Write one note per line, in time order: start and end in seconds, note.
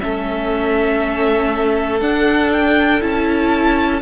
0.00 2.01 A3
0.00 2.00 C#4
0.00 4.01 A4
0.00 2.00 E5
2.00 3.00 D4
2.00 3.01 D4
2.00 2.50 F#5
2.52 3.02 G5
3.00 4.01 C#4
3.00 4.00 E4
3.00 4.01 A5